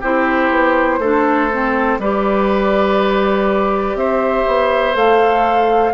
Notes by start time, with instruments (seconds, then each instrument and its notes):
0.00 bassoon C4, clarinet E4, oboe G4, flute C5
0.50 bassoon B3
0.99 bassoon A3, clarinet D4, oboe A4
1.51 clarinet C4
1.98 bassoon G3, clarinet G4, oboe B4, flute D5
3.95 bassoon C4, oboe C5, flute E5
4.47 bassoon B3
4.93 bassoon A3, clarinet A4, flute F5